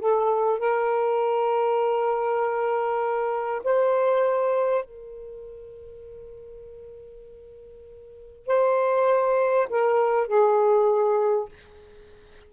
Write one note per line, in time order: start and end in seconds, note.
0.00 0.59 A4
0.59 3.62 A#4
3.64 4.85 C5
4.85 8.47 A#4
8.47 9.68 C5
9.70 10.28 A#4
10.28 11.49 G#4